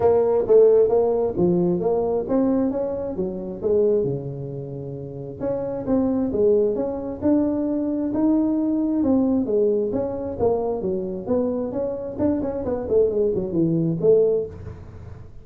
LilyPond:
\new Staff \with { instrumentName = "tuba" } { \time 4/4 \tempo 4 = 133 ais4 a4 ais4 f4 | ais4 c'4 cis'4 fis4 | gis4 cis2. | cis'4 c'4 gis4 cis'4 |
d'2 dis'2 | c'4 gis4 cis'4 ais4 | fis4 b4 cis'4 d'8 cis'8 | b8 a8 gis8 fis8 e4 a4 | }